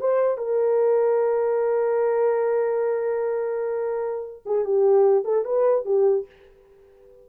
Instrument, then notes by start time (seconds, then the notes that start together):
horn
0.00 C5
0.37 A#4
4.46 G#4
4.64 G4
5.24 A4
5.45 B4
5.85 G4